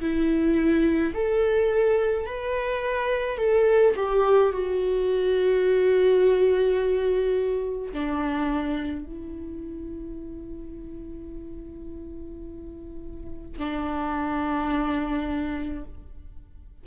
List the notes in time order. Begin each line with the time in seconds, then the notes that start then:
0.00 E4
1.14 A4
2.26 B4
3.38 A4
3.96 G4
4.52 F#4
7.92 D4
9.06 E4
13.58 D4